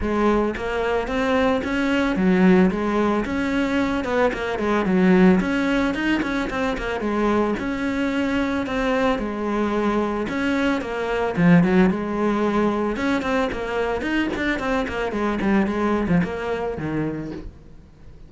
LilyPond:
\new Staff \with { instrumentName = "cello" } { \time 4/4 \tempo 4 = 111 gis4 ais4 c'4 cis'4 | fis4 gis4 cis'4. b8 | ais8 gis8 fis4 cis'4 dis'8 cis'8 | c'8 ais8 gis4 cis'2 |
c'4 gis2 cis'4 | ais4 f8 fis8 gis2 | cis'8 c'8 ais4 dis'8 d'8 c'8 ais8 | gis8 g8 gis8. f16 ais4 dis4 | }